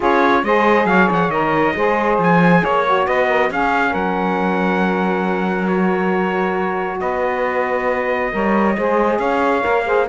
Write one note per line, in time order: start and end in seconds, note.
0.00 0.43 C#4
0.00 0.43 F4
0.00 0.41 G#4
0.00 0.44 C#5
0.43 0.85 G#3
0.43 1.31 G#4
0.43 0.87 C5
0.43 0.86 D#5
0.85 1.07 F#3
0.85 1.75 C#5
0.85 1.08 F5
1.11 1.28 F3
1.11 1.30 F#5
1.28 1.72 D#3
1.28 1.74 A#4
1.28 2.18 D#5
1.75 2.18 G#3
1.75 2.84 G#4
1.75 2.63 C5
2.18 2.61 F3
2.18 2.64 G#5
2.63 3.07 A#3
2.63 3.05 C#5
2.63 3.06 C#5
2.84 3.50 F#4
3.05 3.50 B3
3.05 3.27 B4
3.05 3.50 D#5
3.27 3.49 A#4
3.50 3.94 C#4
3.50 5.69 C#4
3.50 3.91 G#4
3.50 3.93 F5
3.91 7.00 F#3
3.91 6.97 A#4
3.91 5.67 F#5
5.67 8.31 F#4
5.67 6.99 C#5
7.00 8.32 B3
7.00 8.32 B4
7.00 9.19 D#5
8.31 8.76 G3
8.31 8.75 A#4
8.31 8.76 C#5
8.76 9.19 G#3
8.76 9.61 G#4
8.76 9.18 C5
9.18 9.63 C#4
9.18 9.84 C#5
9.18 10.06 F5
9.61 10.09 A#3
9.61 9.83 A#4
9.85 10.07 G#4
9.85 10.07 C5